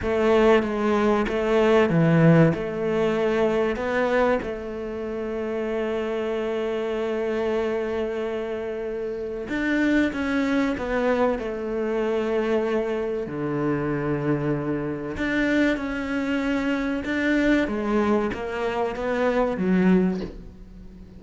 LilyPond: \new Staff \with { instrumentName = "cello" } { \time 4/4 \tempo 4 = 95 a4 gis4 a4 e4 | a2 b4 a4~ | a1~ | a2. d'4 |
cis'4 b4 a2~ | a4 d2. | d'4 cis'2 d'4 | gis4 ais4 b4 fis4 | }